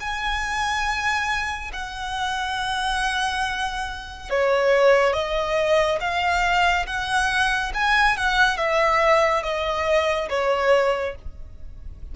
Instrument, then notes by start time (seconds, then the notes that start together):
violin
0.00 G#5
1.73 F#5
4.30 C#5
5.14 D#5
6.01 F5
6.86 F#5
7.74 G#5
8.17 F#5
8.57 E5
9.43 D#5
10.30 C#5